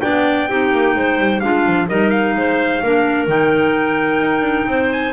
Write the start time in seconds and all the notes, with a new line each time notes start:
0.00 B3 D4 D5 G5
0.48 C4 D#4 G4
0.72 A#3
0.95 G#3 C5
1.18 G3
1.40 G#3 D4 F4 F5
1.66 F3
1.87 G3 D#4 A#4 D#5
2.10 F5
2.35 G#3 C5
2.82 A#3 D4 A#4
3.27 D#3 D#4 G5
4.19 D#4
4.41 D4
4.66 C4 C5
4.92 G#5